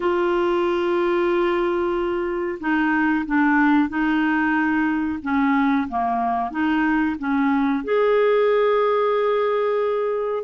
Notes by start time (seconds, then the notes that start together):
0.00 F4
2.60 D#4
3.25 D4
3.88 D#4
5.22 C#4
5.88 A#3
6.50 D#4
7.18 C#4
7.84 G#4